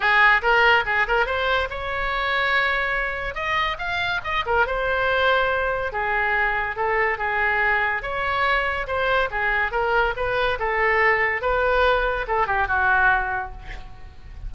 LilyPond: \new Staff \with { instrumentName = "oboe" } { \time 4/4 \tempo 4 = 142 gis'4 ais'4 gis'8 ais'8 c''4 | cis''1 | dis''4 f''4 dis''8 ais'8 c''4~ | c''2 gis'2 |
a'4 gis'2 cis''4~ | cis''4 c''4 gis'4 ais'4 | b'4 a'2 b'4~ | b'4 a'8 g'8 fis'2 | }